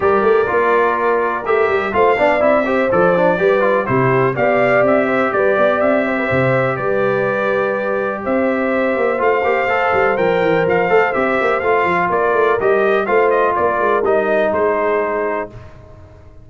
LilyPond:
<<
  \new Staff \with { instrumentName = "trumpet" } { \time 4/4 \tempo 4 = 124 d''2. e''4 | f''4 e''4 d''2 | c''4 f''4 e''4 d''4 | e''2 d''2~ |
d''4 e''2 f''4~ | f''4 g''4 f''4 e''4 | f''4 d''4 dis''4 f''8 dis''8 | d''4 dis''4 c''2 | }
  \new Staff \with { instrumentName = "horn" } { \time 4/4 ais'1 | c''8 d''4 c''4. b'4 | g'4 d''4. c''8 b'8 d''8~ | d''8 c''16 b'16 c''4 b'2~ |
b'4 c''2.~ | c''1~ | c''4 ais'2 c''4 | ais'2 gis'2 | }
  \new Staff \with { instrumentName = "trombone" } { \time 4/4 g'4 f'2 g'4 | f'8 d'8 e'8 g'8 a'8 d'8 g'8 f'8 | e'4 g'2.~ | g'1~ |
g'2. f'8 g'8 | a'4 ais'4. a'8 g'4 | f'2 g'4 f'4~ | f'4 dis'2. | }
  \new Staff \with { instrumentName = "tuba" } { \time 4/4 g8 a8 ais2 a8 g8 | a8 b8 c'4 f4 g4 | c4 b4 c'4 g8 b8 | c'4 c4 g2~ |
g4 c'4. ais8 a8 ais8 | a8 g8 f8 e8 f8 a8 c'8 ais8 | a8 f8 ais8 a8 g4 a4 | ais8 gis8 g4 gis2 | }
>>